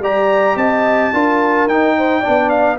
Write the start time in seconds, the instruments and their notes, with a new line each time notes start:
0.00 tuba G3, trombone G4, horn D5, trumpet A#5
0.56 tuba C4, horn D#5, trumpet A5
1.14 tuba D4, trombone F4, horn A#4
1.67 tuba D#4, trombone D#4, trumpet G5
1.98 horn C5
2.21 trombone D4, horn D5
2.28 tuba B3
2.50 trumpet F5